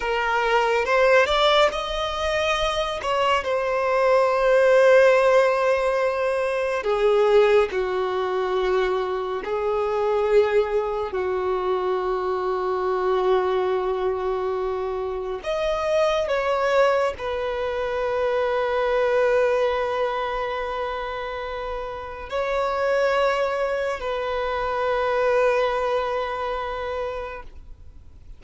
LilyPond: \new Staff \with { instrumentName = "violin" } { \time 4/4 \tempo 4 = 70 ais'4 c''8 d''8 dis''4. cis''8 | c''1 | gis'4 fis'2 gis'4~ | gis'4 fis'2.~ |
fis'2 dis''4 cis''4 | b'1~ | b'2 cis''2 | b'1 | }